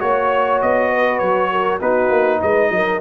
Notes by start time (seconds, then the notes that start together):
0.00 A#3 F#4 C#5
0.61 B3 D#5
0.91 B4
1.19 F#3 C#5
1.52 A#4
1.80 B3 D#4 F#4 B4
2.10 A#3
2.40 G#3 B4 D#5
2.70 F#3 A#4